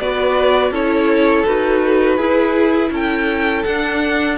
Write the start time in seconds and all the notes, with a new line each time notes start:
0.00 B3 F#4 B4 D5
0.71 C#4 E4 A4 C#5
1.46 D#4 F#4 B4
2.17 E4 G#4
2.91 C#4 A4 G5
3.64 D4 F#5